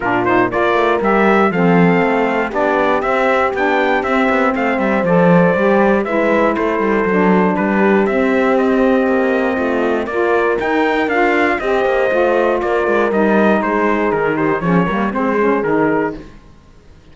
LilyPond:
<<
  \new Staff \with { instrumentName = "trumpet" } { \time 4/4 \tempo 4 = 119 ais'8 c''8 d''4 e''4 f''4~ | f''4 d''4 e''4 g''4 | e''4 f''8 e''8 d''2 | e''4 c''2 b'4 |
e''4 dis''2. | d''4 g''4 f''4 dis''4~ | dis''4 d''4 dis''4 c''4 | ais'8 c''8 cis''4 c''4 ais'4 | }
  \new Staff \with { instrumentName = "horn" } { \time 4/4 f'4 ais'2 a'4~ | a'4 g'2.~ | g'4 c''2. | b'4 a'2 g'4~ |
g'2. f'4 | ais'2. c''4~ | c''4 ais'2 gis'4~ | gis'8 g'8 gis'8 ais'8 gis'2 | }
  \new Staff \with { instrumentName = "saxophone" } { \time 4/4 d'8 dis'8 f'4 g'4 c'4~ | c'4 d'4 c'4 d'4 | c'2 a'4 g'4 | e'2 d'2 |
c'1 | f'4 dis'4 f'4 g'4 | f'2 dis'2~ | dis'4 cis'8 ais8 c'8 cis'8 dis'4 | }
  \new Staff \with { instrumentName = "cello" } { \time 4/4 ais,4 ais8 a8 g4 f4 | a4 b4 c'4 b4 | c'8 b8 a8 g8 f4 g4 | gis4 a8 g8 fis4 g4 |
c'2 ais4 a4 | ais4 dis'4 d'4 c'8 ais8 | a4 ais8 gis8 g4 gis4 | dis4 f8 g8 gis4 dis4 | }
>>